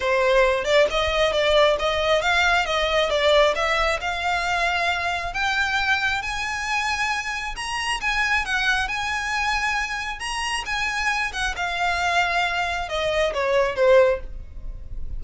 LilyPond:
\new Staff \with { instrumentName = "violin" } { \time 4/4 \tempo 4 = 135 c''4. d''8 dis''4 d''4 | dis''4 f''4 dis''4 d''4 | e''4 f''2. | g''2 gis''2~ |
gis''4 ais''4 gis''4 fis''4 | gis''2. ais''4 | gis''4. fis''8 f''2~ | f''4 dis''4 cis''4 c''4 | }